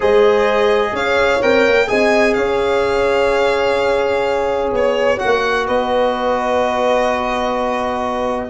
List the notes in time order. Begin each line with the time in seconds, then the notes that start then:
0.00 G#3 G#4 C5 D#5
0.92 C#4 C#5 F5
1.41 C4 A#4 G5
1.67 A#3
1.86 C4 G#4 D#5 G#5
2.33 C#4 C#5 F5
4.72 B3 C#5
5.17 F#4 F#5
5.24 A#3
5.66 B3 B4 D#5